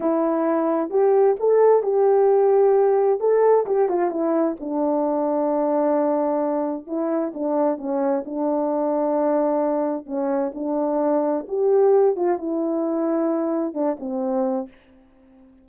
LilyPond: \new Staff \with { instrumentName = "horn" } { \time 4/4 \tempo 4 = 131 e'2 g'4 a'4 | g'2. a'4 | g'8 f'8 e'4 d'2~ | d'2. e'4 |
d'4 cis'4 d'2~ | d'2 cis'4 d'4~ | d'4 g'4. f'8 e'4~ | e'2 d'8 c'4. | }